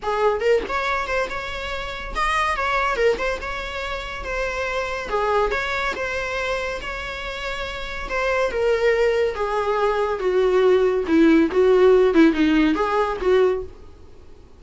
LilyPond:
\new Staff \with { instrumentName = "viola" } { \time 4/4 \tempo 4 = 141 gis'4 ais'8 cis''4 c''8 cis''4~ | cis''4 dis''4 cis''4 ais'8 c''8 | cis''2 c''2 | gis'4 cis''4 c''2 |
cis''2. c''4 | ais'2 gis'2 | fis'2 e'4 fis'4~ | fis'8 e'8 dis'4 gis'4 fis'4 | }